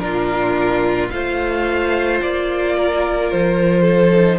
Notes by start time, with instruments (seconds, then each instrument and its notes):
0.00 cello A#2, viola D4, violin F4 A#4
1.11 cello A3, viola F4, violin C5 F5
2.22 cello A#3, violin D5
2.77 violin A#4
3.31 cello F3, violin C5
3.82 violin A4
4.12 viola D#4